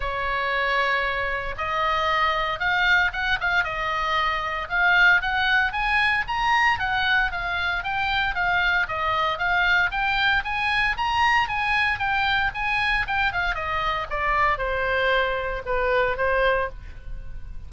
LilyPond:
\new Staff \with { instrumentName = "oboe" } { \time 4/4 \tempo 4 = 115 cis''2. dis''4~ | dis''4 f''4 fis''8 f''8 dis''4~ | dis''4 f''4 fis''4 gis''4 | ais''4 fis''4 f''4 g''4 |
f''4 dis''4 f''4 g''4 | gis''4 ais''4 gis''4 g''4 | gis''4 g''8 f''8 dis''4 d''4 | c''2 b'4 c''4 | }